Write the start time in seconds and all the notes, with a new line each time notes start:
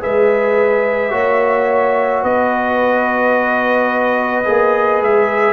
0.00 G#3 G#4 B4 E5
1.10 A#3 F#4 C#5
2.22 B3 B4 D#5
4.44 A#3 G#4
5.02 G#3 E5